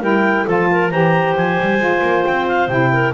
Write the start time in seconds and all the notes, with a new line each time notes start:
0.00 G3 E4 A#4 G5
0.45 F3 F4 A4 A5
0.71 A#4
0.90 E3 G4 C5 A#5
1.35 F3 G#5
1.60 G3
1.78 G#3 F4
2.02 A#3
2.24 C4 G5
2.47 F5
2.68 C3 E4 G5
2.92 A#4